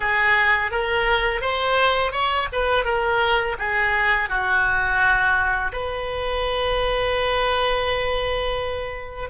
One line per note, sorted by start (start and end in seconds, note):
0.00 0.71 G#4
0.71 1.41 A#4
1.41 2.12 C5
2.12 2.47 C#5
2.52 2.84 B4
2.84 3.56 A#4
3.58 4.29 G#4
4.29 5.71 F#4
5.72 9.29 B4